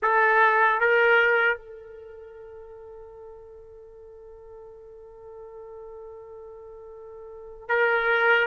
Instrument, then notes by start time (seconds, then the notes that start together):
trumpet
0.02 A4
0.80 A#4
1.57 A4
7.68 A#4